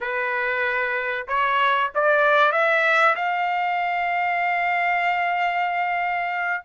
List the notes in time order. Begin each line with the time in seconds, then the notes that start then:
0.00 B4
1.27 C#5
1.94 D5
2.52 E5
3.15 F5